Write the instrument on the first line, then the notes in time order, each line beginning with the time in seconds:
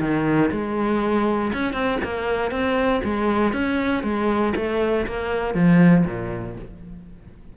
cello
0.00 D#3
0.51 G#3
1.53 C#4
1.73 C4
2.03 A#3
2.51 C4
3.04 G#3
3.53 C#4
4.03 G#3
4.56 A3
5.06 A#3
5.54 F3
6.05 A#2